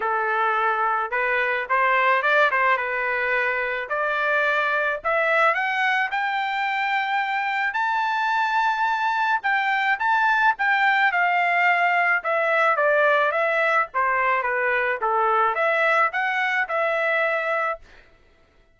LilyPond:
\new Staff \with { instrumentName = "trumpet" } { \time 4/4 \tempo 4 = 108 a'2 b'4 c''4 | d''8 c''8 b'2 d''4~ | d''4 e''4 fis''4 g''4~ | g''2 a''2~ |
a''4 g''4 a''4 g''4 | f''2 e''4 d''4 | e''4 c''4 b'4 a'4 | e''4 fis''4 e''2 | }